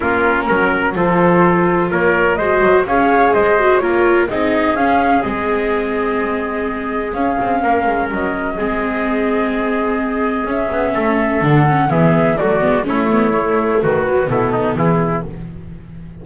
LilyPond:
<<
  \new Staff \with { instrumentName = "flute" } { \time 4/4 \tempo 4 = 126 ais'2 c''2 | cis''4 dis''4 f''4 dis''4 | cis''4 dis''4 f''4 dis''4~ | dis''2. f''4~ |
f''4 dis''2.~ | dis''2 e''2 | fis''4 e''4 d''4 cis''4~ | cis''4 b'4 a'4 gis'4 | }
  \new Staff \with { instrumentName = "trumpet" } { \time 4/4 f'4 ais'4 a'2 | ais'4 c''4 cis''4 c''4 | ais'4 gis'2.~ | gis'1 |
ais'2 gis'2~ | gis'2. a'4~ | a'4 gis'4 fis'4 e'4~ | e'4 fis'4 e'8 dis'8 e'4 | }
  \new Staff \with { instrumentName = "viola" } { \time 4/4 cis'2 f'2~ | f'4 fis'4 gis'4. fis'8 | f'4 dis'4 cis'4 c'4~ | c'2. cis'4~ |
cis'2 c'2~ | c'2 cis'2 | d'8 cis'8 b4 a8 b8 cis'8 b8 | a4. fis8 b2 | }
  \new Staff \with { instrumentName = "double bass" } { \time 4/4 ais4 fis4 f2 | ais4 gis8 fis8 cis'4 gis4 | ais4 c'4 cis'4 gis4~ | gis2. cis'8 c'8 |
ais8 gis8 fis4 gis2~ | gis2 cis'8 b8 a4 | d4 e4 fis8 gis8 a4~ | a4 dis4 b,4 e4 | }
>>